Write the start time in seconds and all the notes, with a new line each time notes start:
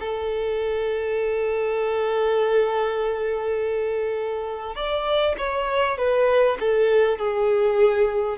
0.00 A4
4.76 D5
5.38 C#5
5.98 B4
6.61 A4
7.18 G#4